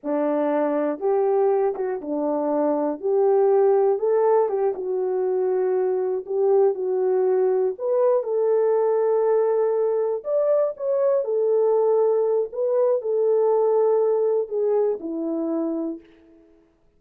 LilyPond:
\new Staff \with { instrumentName = "horn" } { \time 4/4 \tempo 4 = 120 d'2 g'4. fis'8 | d'2 g'2 | a'4 g'8 fis'2~ fis'8~ | fis'8 g'4 fis'2 b'8~ |
b'8 a'2.~ a'8~ | a'8 d''4 cis''4 a'4.~ | a'4 b'4 a'2~ | a'4 gis'4 e'2 | }